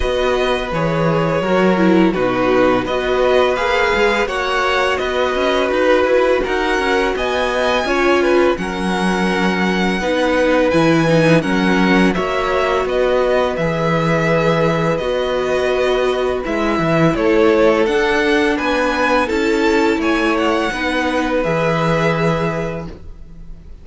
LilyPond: <<
  \new Staff \with { instrumentName = "violin" } { \time 4/4 \tempo 4 = 84 dis''4 cis''2 b'4 | dis''4 f''4 fis''4 dis''4 | b'4 fis''4 gis''2 | fis''2. gis''4 |
fis''4 e''4 dis''4 e''4~ | e''4 dis''2 e''4 | cis''4 fis''4 gis''4 a''4 | gis''8 fis''4. e''2 | }
  \new Staff \with { instrumentName = "violin" } { \time 4/4 b'2 ais'4 fis'4 | b'2 cis''4 b'4~ | b'4 ais'4 dis''4 cis''8 b'8 | ais'2 b'2 |
ais'4 cis''4 b'2~ | b'1 | a'2 b'4 a'4 | cis''4 b'2. | }
  \new Staff \with { instrumentName = "viola" } { \time 4/4 fis'4 gis'4 fis'8 e'8 dis'4 | fis'4 gis'4 fis'2~ | fis'2. f'4 | cis'2 dis'4 e'8 dis'8 |
cis'4 fis'2 gis'4~ | gis'4 fis'2 e'4~ | e'4 d'2 e'4~ | e'4 dis'4 gis'2 | }
  \new Staff \with { instrumentName = "cello" } { \time 4/4 b4 e4 fis4 b,4 | b4 ais8 gis8 ais4 b8 cis'8 | dis'8 e'8 dis'8 cis'8 b4 cis'4 | fis2 b4 e4 |
fis4 ais4 b4 e4~ | e4 b2 gis8 e8 | a4 d'4 b4 cis'4 | a4 b4 e2 | }
>>